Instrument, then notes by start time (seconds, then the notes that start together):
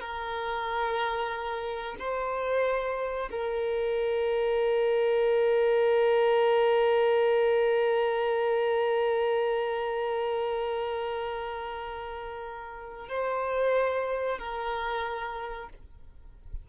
violin
0.00 A#4
1.99 C5
3.31 A#4
13.09 C5
14.39 A#4